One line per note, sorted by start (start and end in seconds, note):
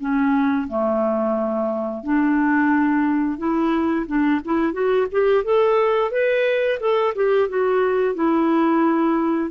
0.00 0.68 C#4
0.68 2.04 A3
2.04 3.38 D4
3.38 4.06 E4
4.07 4.41 D4
4.45 4.73 E4
4.73 5.07 F#4
5.12 5.44 G4
5.44 6.11 A4
6.11 6.79 B4
6.80 7.14 A4
7.15 7.49 G4
7.49 8.15 F#4
8.15 9.51 E4